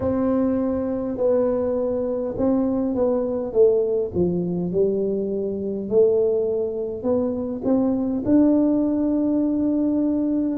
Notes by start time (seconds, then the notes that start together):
0.00 C4
1.17 B3
2.37 C4
2.94 B3
3.52 A3
4.14 F3
4.72 G3
5.89 A3
7.03 B3
7.64 C4
8.25 D4